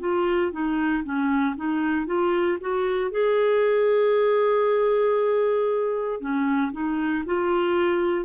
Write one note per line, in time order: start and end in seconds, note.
0.00 0.52 F4
0.52 1.03 D#4
1.04 1.56 C#4
1.56 2.06 D#4
2.06 2.58 F4
2.61 3.11 F#4
3.11 6.20 G#4
6.20 6.72 C#4
6.72 7.24 D#4
7.26 8.25 F4